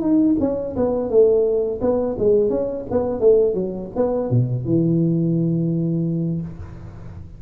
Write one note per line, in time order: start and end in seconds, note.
0.00 0.35 D#4
0.39 0.75 C#4
0.76 1.09 B3
1.09 1.80 A3
1.81 2.16 B3
2.18 2.49 G#3
2.49 2.85 C#4
2.90 3.20 B3
3.20 3.54 A3
3.54 3.89 F#3
3.96 4.30 B3
4.30 4.65 B2
4.65 6.41 E3